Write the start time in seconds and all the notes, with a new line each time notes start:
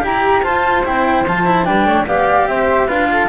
0.00 E4 G4 A#5
0.42 F4 C5 A5
0.85 C4 E4 G5
1.26 F3 F4 A5
1.46 E4
1.65 G3 D4 B4 G5
1.85 A3 C#5
2.06 B3 G4 D5 F5
2.46 C4 C5 E5
2.87 D4 F4 B4 F5
3.12 A4